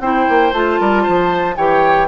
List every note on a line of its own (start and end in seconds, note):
0.00 0.26 C4
0.00 0.53 E4
0.00 0.80 C5
0.00 0.53 G5
0.29 0.52 A#3
0.52 0.78 A3
0.52 1.57 F4
0.52 1.56 A5
0.80 1.06 G3
0.80 1.03 A#4
1.03 1.57 F3
1.03 1.55 C5
1.56 2.08 E3
1.56 2.08 G4
1.56 2.08 C#5
1.56 2.08 G5